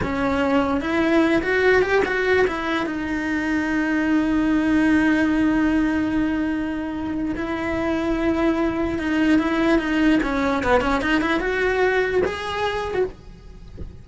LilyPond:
\new Staff \with { instrumentName = "cello" } { \time 4/4 \tempo 4 = 147 cis'2 e'4. fis'8~ | fis'8 g'8 fis'4 e'4 dis'4~ | dis'1~ | dis'1~ |
dis'2 e'2~ | e'2 dis'4 e'4 | dis'4 cis'4 b8 cis'8 dis'8 e'8 | fis'2 gis'4.~ gis'16 fis'16 | }